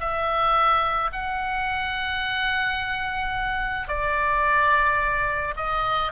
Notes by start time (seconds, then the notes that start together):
0.00 E5
1.13 F#5
3.88 D5
5.57 D#5